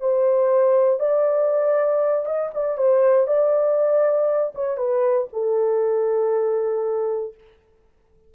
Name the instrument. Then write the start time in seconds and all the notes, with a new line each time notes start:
horn
0.00 C5
0.99 D5
2.26 D#5
2.54 D5
2.78 C5
3.27 D5
4.55 C#5
4.77 B4
5.33 A4